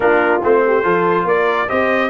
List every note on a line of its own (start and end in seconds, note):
0.00 0.42 A#3
0.00 0.41 D4
0.00 0.65 F4
0.00 0.41 A#4
0.42 0.84 A3
0.42 0.83 C4
0.42 1.27 C5
0.66 0.84 G4
0.83 1.24 F3
0.83 1.67 F4
0.83 1.26 A4
1.24 1.66 A#3
1.24 1.68 A#4
1.24 1.69 D5
1.68 2.10 C4
1.68 2.10 G4
1.68 2.10 C5
1.68 2.10 D#5